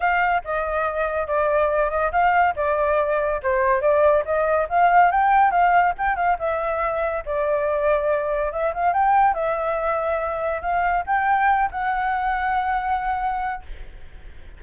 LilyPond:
\new Staff \with { instrumentName = "flute" } { \time 4/4 \tempo 4 = 141 f''4 dis''2 d''4~ | d''8 dis''8 f''4 d''2 | c''4 d''4 dis''4 f''4 | g''4 f''4 g''8 f''8 e''4~ |
e''4 d''2. | e''8 f''8 g''4 e''2~ | e''4 f''4 g''4. fis''8~ | fis''1 | }